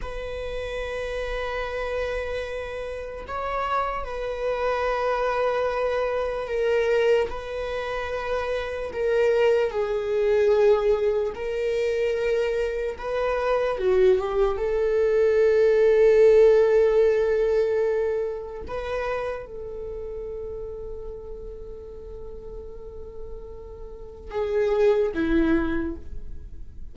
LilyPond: \new Staff \with { instrumentName = "viola" } { \time 4/4 \tempo 4 = 74 b'1 | cis''4 b'2. | ais'4 b'2 ais'4 | gis'2 ais'2 |
b'4 fis'8 g'8 a'2~ | a'2. b'4 | a'1~ | a'2 gis'4 e'4 | }